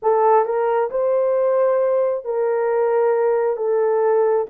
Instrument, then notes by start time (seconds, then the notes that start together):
horn
0.02 A4
0.45 A#4
0.90 C5
2.24 A#4
3.56 A4